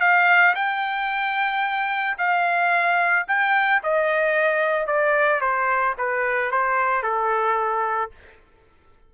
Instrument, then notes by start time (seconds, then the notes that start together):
trumpet
0.00 F5
0.55 G5
2.17 F5
3.28 G5
3.83 D#5
4.86 D5
5.41 C5
5.98 B4
6.51 C5
7.02 A4